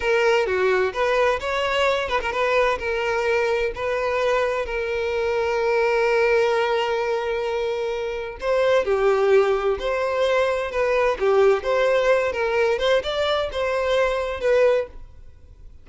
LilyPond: \new Staff \with { instrumentName = "violin" } { \time 4/4 \tempo 4 = 129 ais'4 fis'4 b'4 cis''4~ | cis''8 b'16 ais'16 b'4 ais'2 | b'2 ais'2~ | ais'1~ |
ais'2 c''4 g'4~ | g'4 c''2 b'4 | g'4 c''4. ais'4 c''8 | d''4 c''2 b'4 | }